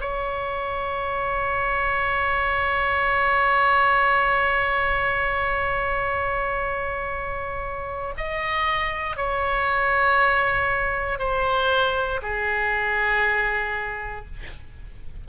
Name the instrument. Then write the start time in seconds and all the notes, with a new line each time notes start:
oboe
0.00 C#5
8.17 D#5
9.16 C#5
11.19 C5
12.22 G#4